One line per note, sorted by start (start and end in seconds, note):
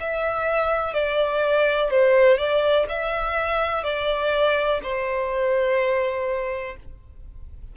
0.00 0.94 E5
0.94 1.90 D5
1.90 2.38 C5
2.38 2.86 D5
2.89 3.84 E5
3.84 4.80 D5
4.83 6.77 C5